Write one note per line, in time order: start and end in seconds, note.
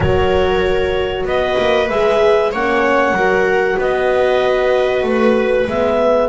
0.00 1.24 F#3
0.00 1.89 F#4
0.00 1.27 A#4
0.00 1.25 C#5
1.24 1.56 B3
1.24 2.51 B4
1.24 1.89 D#5
1.57 1.89 A#3
1.89 2.52 G#3
1.89 2.54 G#4
1.89 2.52 E5
2.51 3.12 A#3
2.51 3.18 C#4
2.51 3.15 C#5
2.51 3.80 F#5
3.12 3.75 F#3
3.12 3.79 A#4
3.18 5.70 F#4
3.78 5.02 B3
3.78 6.29 B4
3.78 5.07 D#5
5.02 5.66 A3
5.02 5.69 B4
5.67 6.29 G#3
5.67 6.29 B3
5.67 6.29 E5